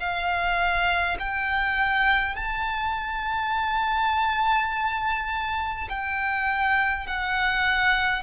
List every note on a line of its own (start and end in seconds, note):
0.00 1.18 F5
1.19 2.36 G5
2.36 5.89 A5
5.89 7.07 G5
7.07 8.23 F#5